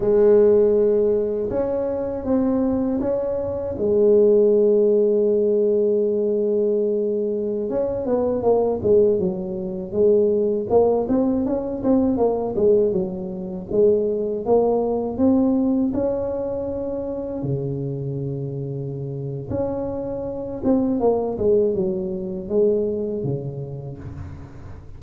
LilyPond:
\new Staff \with { instrumentName = "tuba" } { \time 4/4 \tempo 4 = 80 gis2 cis'4 c'4 | cis'4 gis2.~ | gis2~ gis16 cis'8 b8 ais8 gis16~ | gis16 fis4 gis4 ais8 c'8 cis'8 c'16~ |
c'16 ais8 gis8 fis4 gis4 ais8.~ | ais16 c'4 cis'2 cis8.~ | cis2 cis'4. c'8 | ais8 gis8 fis4 gis4 cis4 | }